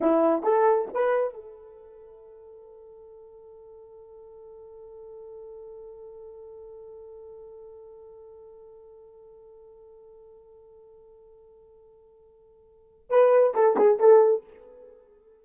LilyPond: \new Staff \with { instrumentName = "horn" } { \time 4/4 \tempo 4 = 133 e'4 a'4 b'4 a'4~ | a'1~ | a'1~ | a'1~ |
a'1~ | a'1~ | a'1~ | a'4 b'4 a'8 gis'8 a'4 | }